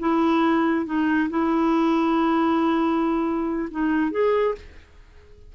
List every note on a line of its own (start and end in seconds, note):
0.00 0.86 E4
0.86 1.30 D#4
1.30 3.69 E4
3.71 4.12 D#4
4.12 4.55 G#4